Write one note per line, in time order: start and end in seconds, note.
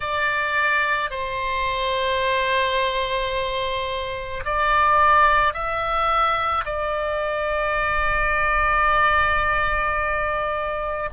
0.00 1.10 D5
1.10 4.43 C5
4.44 5.53 D5
5.53 6.64 E5
6.65 11.09 D5